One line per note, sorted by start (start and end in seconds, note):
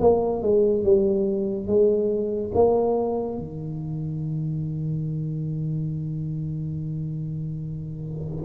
0.00 0.42 A#3
0.42 0.83 G#3
0.83 1.67 G3
1.67 2.51 G#3
2.54 3.38 A#3
3.38 8.45 D#3